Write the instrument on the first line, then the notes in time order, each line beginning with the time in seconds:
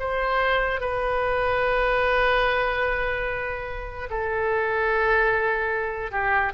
oboe
0.00 C5
0.81 B4
4.10 A4
6.12 G4